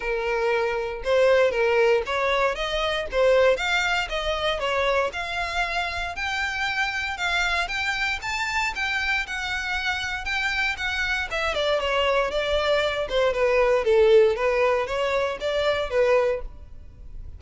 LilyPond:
\new Staff \with { instrumentName = "violin" } { \time 4/4 \tempo 4 = 117 ais'2 c''4 ais'4 | cis''4 dis''4 c''4 f''4 | dis''4 cis''4 f''2 | g''2 f''4 g''4 |
a''4 g''4 fis''2 | g''4 fis''4 e''8 d''8 cis''4 | d''4. c''8 b'4 a'4 | b'4 cis''4 d''4 b'4 | }